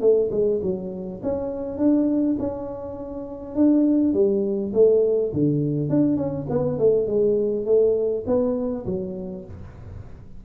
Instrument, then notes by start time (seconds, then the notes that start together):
tuba
0.00 A3
0.31 G#3
0.61 F#3
1.22 C#4
1.78 D4
2.39 C#4
3.55 D4
4.13 G3
4.73 A3
5.33 D3
5.89 D4
6.16 C#4
6.49 B3
6.78 A3
7.06 G#3
7.65 A3
8.26 B3
8.85 F#3